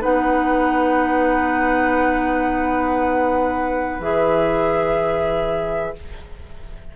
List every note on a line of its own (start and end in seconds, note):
0.00 4.00 B3
0.00 3.99 D#4
0.00 5.94 B4
0.00 4.02 F#5
4.00 5.94 E3
4.00 5.95 G#4
4.00 5.96 E5